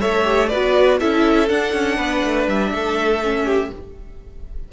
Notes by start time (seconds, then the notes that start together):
0.00 A3 A4 C#5 E5
0.23 G4
0.48 B3 F#4 B4 D5
1.00 C#4 E4 A4 E5
1.47 D4 F#5
1.73 C#4
1.95 B3 B4
2.23 A3
2.48 G3 E5
2.72 A3 A4
3.23 C#4
3.44 G4